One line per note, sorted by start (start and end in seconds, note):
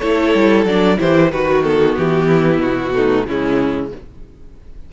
0.00 0.35 A3
0.00 0.68 E4
0.00 0.99 A4
0.00 0.65 C#5
0.35 0.65 G3
0.65 0.98 F#3
0.65 0.98 D4
0.65 1.00 D5
0.98 1.33 E3
0.98 1.30 E4
0.98 1.32 G4
0.98 1.32 C5
1.32 1.98 D#3
1.32 2.28 F#4
1.32 1.64 F#4
1.32 1.63 B4
1.63 2.95 B3
1.63 1.96 A4
1.98 2.60 E3
1.98 2.62 G4
2.28 2.93 E4
2.60 3.25 B2
2.60 3.27 F#4
2.95 3.27 A3
2.95 3.27 D#4
3.27 3.92 C#3
3.27 3.93 G#3
3.27 3.93 C#4
3.27 3.93 E4